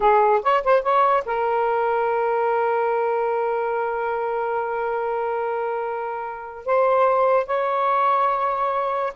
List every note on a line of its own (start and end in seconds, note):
0.00 0.42 G#4
0.43 0.63 C#5
0.64 0.82 C5
0.82 1.23 C#5
1.25 6.65 A#4
6.65 7.46 C5
7.46 9.13 C#5